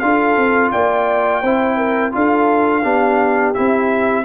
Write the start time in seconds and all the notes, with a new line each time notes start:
0.00 D4 F4 A4 F5
0.37 C4
0.72 A#3 D5 G5
1.42 C4 E4 C5
1.77 A#4
2.12 D4 F4 A4 F5
2.84 B3 D4 G4
3.54 C4 E4 E5